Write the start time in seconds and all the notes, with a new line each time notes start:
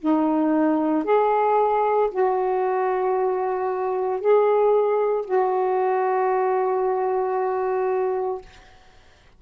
0.00 D#4
1.05 G#4
2.11 F#4
4.21 G#4
5.26 F#4